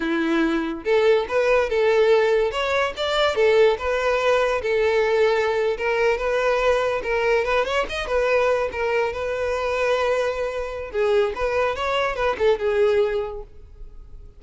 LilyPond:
\new Staff \with { instrumentName = "violin" } { \time 4/4 \tempo 4 = 143 e'2 a'4 b'4 | a'2 cis''4 d''4 | a'4 b'2 a'4~ | a'4.~ a'16 ais'4 b'4~ b'16~ |
b'8. ais'4 b'8 cis''8 dis''8 b'8.~ | b'8. ais'4 b'2~ b'16~ | b'2 gis'4 b'4 | cis''4 b'8 a'8 gis'2 | }